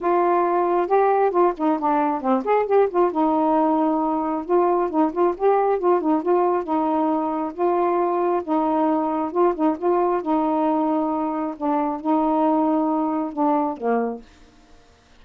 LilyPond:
\new Staff \with { instrumentName = "saxophone" } { \time 4/4 \tempo 4 = 135 f'2 g'4 f'8 dis'8 | d'4 c'8 gis'8 g'8 f'8 dis'4~ | dis'2 f'4 dis'8 f'8 | g'4 f'8 dis'8 f'4 dis'4~ |
dis'4 f'2 dis'4~ | dis'4 f'8 dis'8 f'4 dis'4~ | dis'2 d'4 dis'4~ | dis'2 d'4 ais4 | }